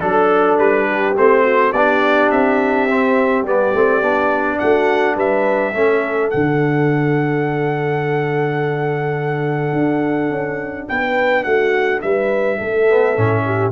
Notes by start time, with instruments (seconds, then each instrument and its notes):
0.00 tuba F#3, trombone D4, trumpet A4, horn A4
0.58 tuba G3, trumpet B4
0.87 horn G4
1.17 tuba A3, trombone C4, trumpet C5
1.43 horn F#4
1.72 tuba B3, trombone D4, horn G4, trumpet D5
2.31 tuba C4, trumpet E5
2.89 trombone C4
3.43 tuba G3, trombone B3, trumpet D5
3.74 tuba A3, trombone C4
4.02 tuba B3, trombone D4
4.59 tuba A3, horn F#4, trumpet F#5
5.15 tuba G3, horn B4, trumpet E5
5.73 tuba A3, trombone C#4, horn A4
6.30 tuba D3, trombone D4, trumpet F#5
9.73 tuba D4
10.30 tuba C#4
10.89 tuba B3, horn B4, trumpet G5
11.44 tuba A3, horn F#4, trumpet F#5
12.02 tuba G3, horn B4, trumpet E5
12.58 tuba A3, horn A4
12.89 trombone B3
13.16 tuba A2, trombone C#4
13.46 horn G4